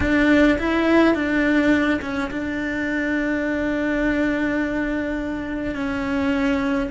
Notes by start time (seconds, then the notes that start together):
0.00 D4
0.58 E4
1.14 D4
2.01 C#4
2.31 D4
5.74 C#4